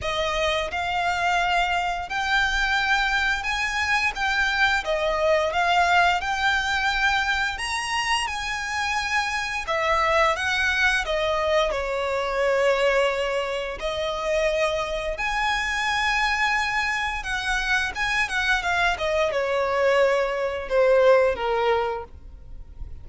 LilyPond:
\new Staff \with { instrumentName = "violin" } { \time 4/4 \tempo 4 = 87 dis''4 f''2 g''4~ | g''4 gis''4 g''4 dis''4 | f''4 g''2 ais''4 | gis''2 e''4 fis''4 |
dis''4 cis''2. | dis''2 gis''2~ | gis''4 fis''4 gis''8 fis''8 f''8 dis''8 | cis''2 c''4 ais'4 | }